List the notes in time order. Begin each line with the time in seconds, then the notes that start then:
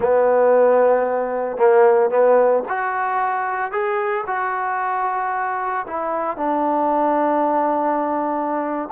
0.00 B3
1.57 A#3
2.09 B3
2.68 F#4
3.71 G#4
4.26 F#4
5.87 E4
6.36 D4